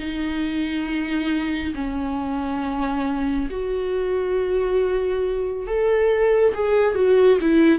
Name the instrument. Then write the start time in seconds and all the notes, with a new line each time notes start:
viola
0.00 D#4
1.75 C#4
3.51 F#4
5.68 A4
6.55 G#4
6.96 F#4
7.42 E4